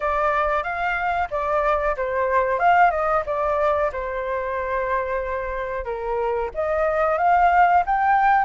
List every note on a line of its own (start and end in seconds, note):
0.00 0.63 D5
0.63 1.28 F5
1.30 1.96 D5
1.97 2.59 C5
2.59 2.90 F5
2.90 3.23 D#5
3.25 3.91 D5
3.92 5.84 C5
5.84 6.50 A#4
6.54 7.18 D#5
7.18 7.83 F5
7.86 8.45 G5